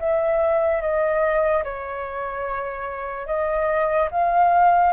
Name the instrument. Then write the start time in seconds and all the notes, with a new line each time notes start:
flute
0.00 E5
0.82 D#5
1.64 C#5
3.27 D#5
4.11 F5